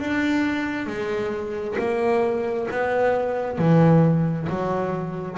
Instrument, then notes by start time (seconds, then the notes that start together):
double bass
0.00 D4
0.87 G#3
1.79 A#3
2.72 B3
3.59 E3
4.50 F#3